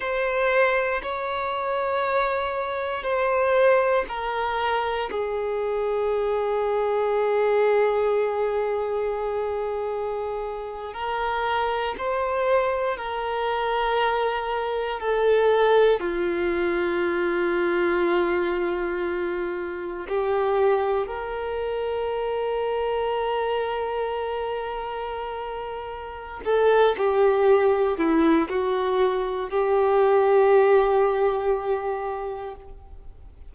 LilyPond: \new Staff \with { instrumentName = "violin" } { \time 4/4 \tempo 4 = 59 c''4 cis''2 c''4 | ais'4 gis'2.~ | gis'2~ gis'8. ais'4 c''16~ | c''8. ais'2 a'4 f'16~ |
f'2.~ f'8. g'16~ | g'8. ais'2.~ ais'16~ | ais'2 a'8 g'4 e'8 | fis'4 g'2. | }